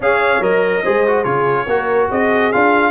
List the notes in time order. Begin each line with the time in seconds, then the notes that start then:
0.00 C#4 G#4 C#5 F5
0.40 F#3 A#4 D#5
0.83 G#3 G#4 C5
1.07 F#4
1.24 C#3 F4 G#4 C#5
1.66 A#3 F#4 A#4
2.08 C4 G#4 D#5
2.52 D4 F4 F5